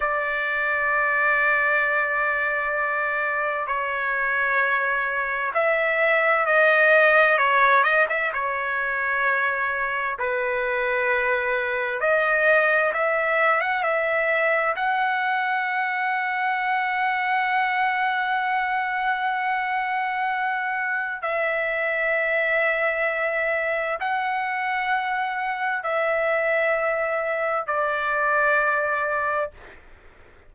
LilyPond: \new Staff \with { instrumentName = "trumpet" } { \time 4/4 \tempo 4 = 65 d''1 | cis''2 e''4 dis''4 | cis''8 dis''16 e''16 cis''2 b'4~ | b'4 dis''4 e''8. fis''16 e''4 |
fis''1~ | fis''2. e''4~ | e''2 fis''2 | e''2 d''2 | }